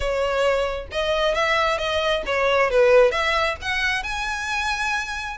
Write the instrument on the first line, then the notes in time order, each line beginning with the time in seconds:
violin
0.00 C#5
0.91 D#5
1.34 E5
1.77 D#5
2.26 C#5
2.70 B4
3.11 E5
3.61 F#5
4.03 G#5